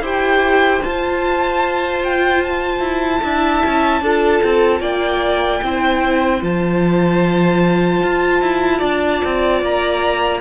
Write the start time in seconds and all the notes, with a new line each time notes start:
0.00 E4 G4 C5 G5
0.82 F4 A5
2.04 G5
2.43 A5
2.80 E4
3.22 D4 E4 E5
3.65 C#4
4.01 D4 F4 A4
4.43 C4
4.80 A#3 D5 G5
5.63 C4 E4 C5
6.42 F3 F4 A5
8.03 F4
8.42 E4
8.78 D4 D5
9.24 C4
9.62 A#3 A#5